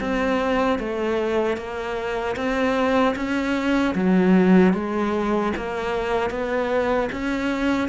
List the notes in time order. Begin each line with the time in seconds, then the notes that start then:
0.00 C4
0.79 A3
1.56 A#3
2.36 C4
3.15 C#4
3.94 F#3
4.73 G#3
5.56 A#3
6.30 B3
7.12 C#4